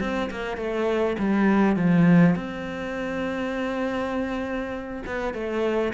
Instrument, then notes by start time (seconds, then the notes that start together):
cello
0.00 C4
0.30 A#3
0.57 A3
1.18 G3
1.76 F3
2.35 C4
5.06 B3
5.33 A3